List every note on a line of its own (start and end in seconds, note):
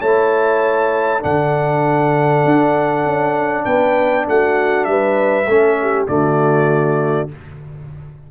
0.00 1.23 A3
0.00 1.20 E4
0.00 1.21 C#5
0.00 1.22 A5
1.20 2.45 D3
1.20 5.45 D4
1.20 3.65 A4
1.20 3.65 F#5
2.45 3.06 D4
3.06 3.66 C#4
3.65 4.27 B3
3.65 4.25 B4
3.65 4.26 G5
4.28 4.87 A3
4.28 4.90 F#4
4.28 4.85 F#5
4.85 5.47 G3
4.85 5.49 B4
4.85 6.06 E5
5.47 6.07 A3
5.47 6.08 C#4
5.47 5.80 A4
5.82 6.10 G4
6.08 7.30 D3
6.08 7.29 A3
6.08 7.31 F#4
6.08 7.29 D5